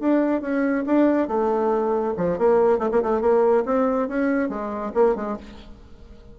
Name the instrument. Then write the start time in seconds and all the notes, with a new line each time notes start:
bassoon
0.00 D4
0.41 C#4
0.86 D4
1.28 A3
2.17 F3
2.38 A#3
2.79 A3
2.92 A#3
3.03 A3
3.21 A#3
3.65 C4
4.08 C#4
4.49 G#3
4.94 A#3
5.16 G#3